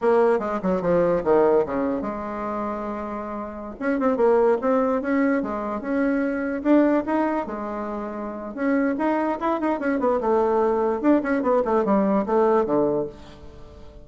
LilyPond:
\new Staff \with { instrumentName = "bassoon" } { \time 4/4 \tempo 4 = 147 ais4 gis8 fis8 f4 dis4 | cis4 gis2.~ | gis4~ gis16 cis'8 c'8 ais4 c'8.~ | c'16 cis'4 gis4 cis'4.~ cis'16~ |
cis'16 d'4 dis'4 gis4.~ gis16~ | gis4 cis'4 dis'4 e'8 dis'8 | cis'8 b8 a2 d'8 cis'8 | b8 a8 g4 a4 d4 | }